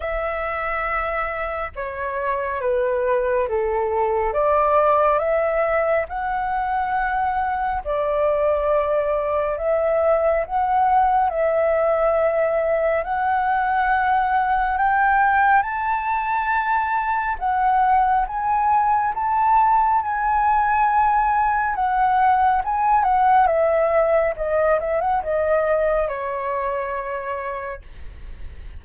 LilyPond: \new Staff \with { instrumentName = "flute" } { \time 4/4 \tempo 4 = 69 e''2 cis''4 b'4 | a'4 d''4 e''4 fis''4~ | fis''4 d''2 e''4 | fis''4 e''2 fis''4~ |
fis''4 g''4 a''2 | fis''4 gis''4 a''4 gis''4~ | gis''4 fis''4 gis''8 fis''8 e''4 | dis''8 e''16 fis''16 dis''4 cis''2 | }